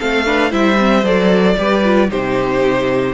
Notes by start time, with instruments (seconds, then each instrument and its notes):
0.00 cello A3, viola C4, violin A4 F5
0.26 viola D4, violin B4
0.50 cello G3, viola E4, violin C5 E5
0.79 viola C4
1.04 cello F#3, viola A4, violin D5
1.57 cello G3, viola G4, violin B4
1.84 viola F4
2.08 cello C3, viola D#4, violin G4 C5